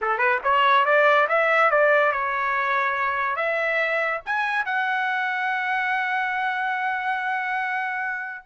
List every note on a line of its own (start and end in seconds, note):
0.01 0.18 A4
0.18 0.39 B4
0.43 0.85 C#5
0.85 1.27 D5
1.28 1.70 E5
1.70 2.11 D5
2.11 3.36 C#5
3.36 4.20 E5
4.25 4.65 G#5
4.65 8.45 F#5